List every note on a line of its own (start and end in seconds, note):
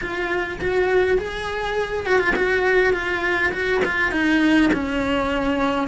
0.01 0.59 F4
0.60 1.18 F#4
1.18 2.06 G#4
2.06 2.19 F#4
2.19 2.34 F4
2.35 2.93 F#4
2.93 3.52 F4
3.52 3.81 F#4
3.84 4.11 F4
4.11 4.70 D#4
4.73 5.87 C#4